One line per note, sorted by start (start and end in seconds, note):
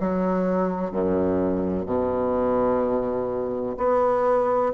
0.00 0.91 F#3
0.91 1.86 F#2
1.86 3.77 B2
3.77 4.73 B3